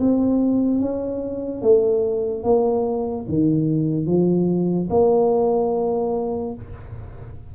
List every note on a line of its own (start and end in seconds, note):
0.00 0.81 C4
0.81 1.63 C#4
1.63 2.44 A3
2.44 3.26 A#3
3.29 4.07 D#3
4.07 4.89 F3
4.90 6.55 A#3